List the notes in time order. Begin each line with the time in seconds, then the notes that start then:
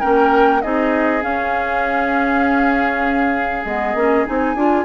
0.00 A#3 C#4 A#4 G5
0.62 C4 D#4 G#4 D#5
1.21 C#4 F5
3.65 G#3 B3 D#5
3.94 A#3 C#4
4.26 C4 D#4 G#5
4.55 D4 F4